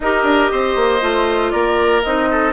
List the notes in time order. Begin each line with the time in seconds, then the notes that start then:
0.00 D#4 G4 A#4 D#5
0.23 D4
0.51 C4 C5
0.75 A#3
1.00 A3 F4
1.50 A#3 A#4 D5
2.02 C4 D#4 D#5
2.31 A4